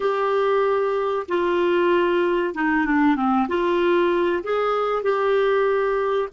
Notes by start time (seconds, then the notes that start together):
0.00 G4
1.28 F4
2.54 D#4
2.85 D4
3.16 C4
3.48 F4
4.43 G#4
5.02 G4